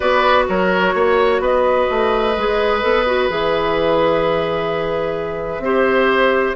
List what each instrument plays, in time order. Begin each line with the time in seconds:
0.00 bassoon B3, clarinet F#4, oboe B4, flute D5
0.48 bassoon F#3, oboe A#4, flute C#5
0.94 bassoon A#3, oboe C#5
1.40 bassoon B3, oboe B4, flute D#5
1.90 bassoon A3
2.36 bassoon G#3, clarinet G#4
2.80 bassoon B3, clarinet A4
3.06 clarinet F#4
3.28 bassoon E3, clarinet G#4, flute E5
5.58 bassoon C4, clarinet G4, oboe C5